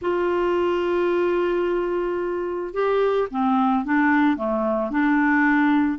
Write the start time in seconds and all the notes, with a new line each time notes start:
0.01 F4
2.73 G4
3.30 C4
3.84 D4
4.36 A3
4.90 D4